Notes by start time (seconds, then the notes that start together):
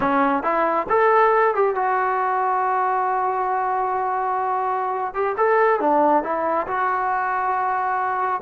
0.00 C#4
0.43 E4
0.89 A4
1.54 G4
1.75 F#4
5.14 G4
5.37 A4
5.80 D4
6.23 E4
6.67 F#4